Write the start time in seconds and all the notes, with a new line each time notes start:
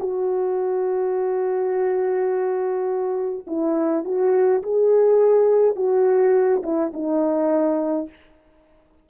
0.00 F#4
3.47 E4
4.04 F#4
4.63 G#4
5.76 F#4
6.63 E4
6.93 D#4